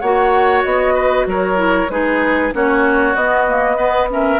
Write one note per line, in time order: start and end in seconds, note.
0.00 0.65 A#3
0.00 1.56 F#4
0.00 0.94 C#5
0.00 0.62 F#5
0.64 1.27 B3
0.64 1.26 D#5
0.94 1.26 B4
1.27 1.89 F#3
1.27 1.92 A#4
1.27 1.90 C#5
1.56 1.87 E4
1.90 2.52 G#3
1.90 2.53 D#4
1.90 2.54 G#4
1.90 2.53 B4
2.53 3.16 A#3
2.53 3.16 C#4
2.53 3.77 F#4
2.53 3.15 C#5
3.15 4.40 B3
3.15 3.47 B3
3.15 4.09 D#5
3.48 3.77 A#3
3.77 4.08 B3
3.77 4.08 B4
4.10 4.40 C#4
4.10 4.40 A#4
4.10 4.40 E5